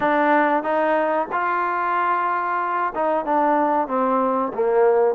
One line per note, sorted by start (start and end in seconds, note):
0.00 0.63 D4
0.63 1.27 D#4
1.32 2.93 F4
2.94 3.25 D#4
3.25 3.87 D4
3.87 4.52 C4
4.53 5.15 A#3